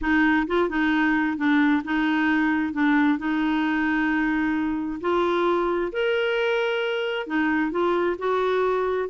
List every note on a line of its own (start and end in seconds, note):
0.01 0.46 D#4
0.47 0.69 F4
0.69 1.37 D#4
1.37 1.82 D4
1.84 2.73 D#4
2.73 3.18 D4
3.18 5.00 D#4
5.01 5.92 F4
5.92 7.26 A#4
7.26 7.71 D#4
7.71 8.16 F4
8.18 9.09 F#4